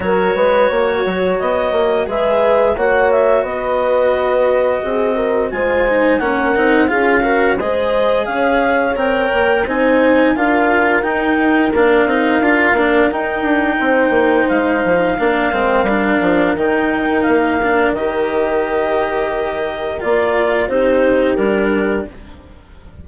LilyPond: <<
  \new Staff \with { instrumentName = "clarinet" } { \time 4/4 \tempo 4 = 87 cis''2 dis''4 e''4 | fis''8 e''8 dis''2. | gis''4 fis''4 f''4 dis''4 | f''4 g''4 gis''4 f''4 |
g''4 f''2 g''4~ | g''4 f''2. | g''4 f''4 dis''2~ | dis''4 d''4 c''4 ais'4 | }
  \new Staff \with { instrumentName = "horn" } { \time 4/4 ais'8 b'8 cis''2 b'4 | cis''4 b'2 gis'8 ais'8 | c''4 ais'4 gis'8 ais'8 c''4 | cis''2 c''4 ais'4~ |
ais'1 | c''2 ais'2~ | ais'1~ | ais'2 g'2 | }
  \new Staff \with { instrumentName = "cello" } { \time 4/4 fis'2. gis'4 | fis'1 | f'8 dis'8 cis'8 dis'8 f'8 fis'8 gis'4~ | gis'4 ais'4 dis'4 f'4 |
dis'4 d'8 dis'8 f'8 d'8 dis'4~ | dis'2 d'8 c'8 d'4 | dis'4. d'8 g'2~ | g'4 f'4 dis'4 d'4 | }
  \new Staff \with { instrumentName = "bassoon" } { \time 4/4 fis8 gis8 ais8 fis8 b8 ais8 gis4 | ais4 b2 c'4 | gis4 ais8 c'8 cis'4 gis4 | cis'4 c'8 ais8 c'4 d'4 |
dis'4 ais8 c'8 d'8 ais8 dis'8 d'8 | c'8 ais8 gis8 f8 ais8 gis8 g8 f8 | dis4 ais4 dis2~ | dis4 ais4 c'4 g4 | }
>>